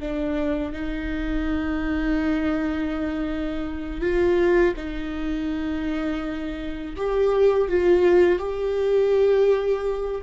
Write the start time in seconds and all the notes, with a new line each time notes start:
0.00 D4
0.73 D#4
4.01 F4
4.77 D#4
6.97 G4
7.69 F4
8.39 G4